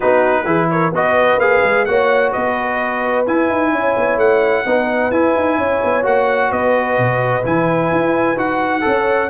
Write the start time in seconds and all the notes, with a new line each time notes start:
0.00 B3 D#4 F#4 B4
0.45 E3 E4 G#4
0.70 A#4 C#5
0.91 B3 F#4 B4 D#5
1.36 A#3 G#4 F5
1.64 G#3
1.85 A#3 F#4 C#5 F#5
2.31 B3 B4 D#5
3.26 E4 G#5
3.49 D#4
3.72 C#4 C#5
3.96 B3
4.17 A3 F#5
4.65 B3 D#4 B4
5.11 E4 G#5
5.36 D#4
5.57 C#4 C#5
5.84 B3
6.03 A#3 F#4 F#5
6.49 B3 B4 D#5
6.98 B2
7.42 E3 E4 G#5
7.91 E4
8.36 D#4 F#4 F#5
8.81 C#4 A4
8.87 C#5